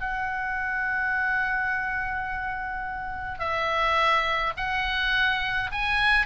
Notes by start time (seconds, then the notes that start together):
0.00 F#5
3.39 E5
4.56 F#5
5.71 G#5